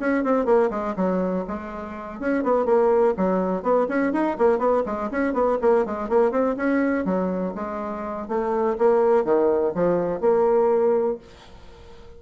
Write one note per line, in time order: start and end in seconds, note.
0.00 0.24 C#4
0.24 0.45 C4
0.45 0.70 A#3
0.71 0.95 G#3
0.96 1.45 F#3
1.48 2.20 G#3
2.20 2.44 C#4
2.44 2.66 B3
2.66 3.14 A#3
3.17 3.63 F#3
3.63 3.87 B3
3.89 4.13 C#4
4.13 4.37 D#4
4.39 4.59 A#3
4.59 4.83 B3
4.86 5.11 G#3
5.11 5.34 C#4
5.34 5.58 B3
5.62 5.85 A#3
5.85 6.09 G#3
6.09 6.31 A#3
6.31 6.56 C4
6.57 7.05 C#4
7.05 7.54 F#3
7.55 8.29 G#3
8.29 8.77 A3
8.78 9.25 A#3
9.25 9.74 D#3
9.75 10.21 F3
10.21 11.18 A#3